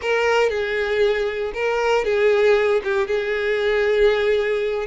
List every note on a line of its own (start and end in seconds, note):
0.01 0.49 A#4
0.49 1.52 G#4
1.53 2.04 A#4
2.04 2.81 G#4
2.83 3.07 G4
3.07 4.86 G#4